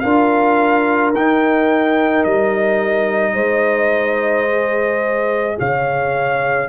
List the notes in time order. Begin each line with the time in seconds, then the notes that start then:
0.00 D4 F4 A#4 F5
1.13 D#4 G5
2.25 G3 D#5
3.34 G#3 C5
4.49 G#4
5.59 C#3 C#5 F5